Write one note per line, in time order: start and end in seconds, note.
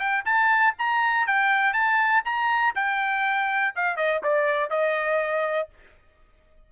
0.00 0.25 G5
0.26 0.75 A5
0.79 1.27 A#5
1.27 1.74 G5
1.74 2.23 A5
2.25 2.75 A#5
2.76 3.75 G5
3.76 3.97 F5
3.97 4.22 D#5
4.24 4.71 D5
4.71 5.70 D#5